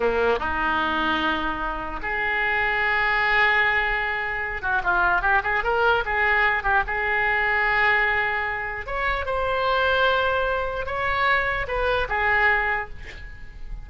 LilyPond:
\new Staff \with { instrumentName = "oboe" } { \time 4/4 \tempo 4 = 149 ais4 dis'2.~ | dis'4 gis'2.~ | gis'2.~ gis'8 fis'8 | f'4 g'8 gis'8 ais'4 gis'4~ |
gis'8 g'8 gis'2.~ | gis'2 cis''4 c''4~ | c''2. cis''4~ | cis''4 b'4 gis'2 | }